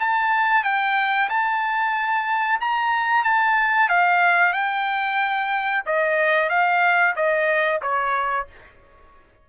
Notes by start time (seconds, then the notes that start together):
0.00 A5
0.64 G5
1.30 A5
2.61 A#5
3.24 A5
3.89 F5
4.53 G5
5.86 D#5
6.50 F5
7.16 D#5
7.82 C#5